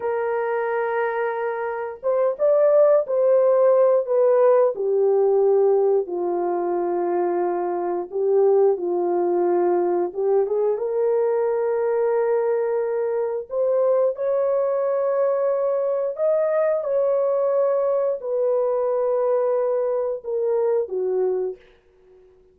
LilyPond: \new Staff \with { instrumentName = "horn" } { \time 4/4 \tempo 4 = 89 ais'2. c''8 d''8~ | d''8 c''4. b'4 g'4~ | g'4 f'2. | g'4 f'2 g'8 gis'8 |
ais'1 | c''4 cis''2. | dis''4 cis''2 b'4~ | b'2 ais'4 fis'4 | }